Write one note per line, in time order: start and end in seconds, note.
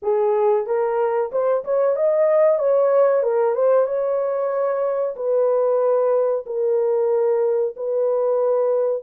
0.02 0.66 G#4
0.66 1.30 A#4
1.31 1.64 C5
1.64 1.95 C#5
1.95 2.58 D#5
2.58 3.22 C#5
3.22 3.55 A#4
3.55 3.86 C5
3.86 5.15 C#5
5.16 6.45 B4
6.46 7.75 A#4
7.76 9.02 B4